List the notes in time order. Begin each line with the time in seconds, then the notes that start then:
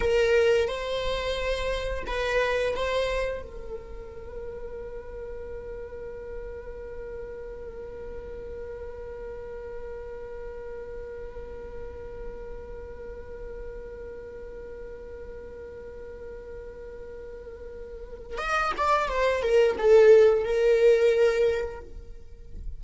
0.00 A#4
0.68 C5
2.06 B4
2.75 C5
3.42 A#4
18.37 D#5
18.77 D5
19.08 C5
19.42 A#4
19.78 A4
20.44 A#4